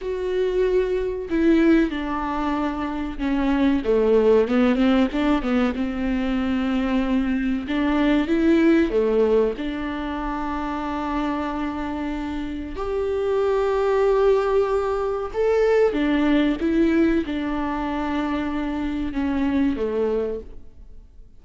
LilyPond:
\new Staff \with { instrumentName = "viola" } { \time 4/4 \tempo 4 = 94 fis'2 e'4 d'4~ | d'4 cis'4 a4 b8 c'8 | d'8 b8 c'2. | d'4 e'4 a4 d'4~ |
d'1 | g'1 | a'4 d'4 e'4 d'4~ | d'2 cis'4 a4 | }